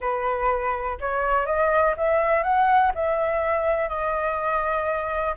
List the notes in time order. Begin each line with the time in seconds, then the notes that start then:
0.00 B4
1.00 C#5
1.45 D#5
1.97 E5
2.43 F#5
2.94 E5
3.88 D#5